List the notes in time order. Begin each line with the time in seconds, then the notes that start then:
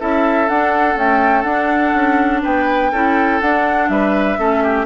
0.00 C#4 E4 A4 E5
0.48 D4 F#5
0.95 A3 C#4 G5
1.43 D4 F#5
1.94 C#4
2.43 B3 B4 G5
2.92 C#4 E4 A4
3.41 D4 F#5
3.89 G3 B4 E5
4.38 A3 C#4 A4
4.63 G4